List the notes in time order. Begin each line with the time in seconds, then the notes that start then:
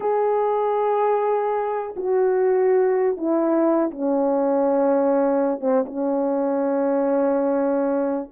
0.00 G#4
1.96 F#4
3.17 E4
3.90 C#4
5.60 C4
5.86 C#4